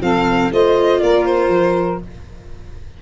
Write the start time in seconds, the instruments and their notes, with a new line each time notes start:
0.00 tuba F3, viola C4, saxophone A4, violin F5
0.51 tuba A3, viola F4, saxophone C5, violin D#5
1.02 tuba A#3, saxophone A#4, violin D5
1.25 violin C5
1.48 tuba F3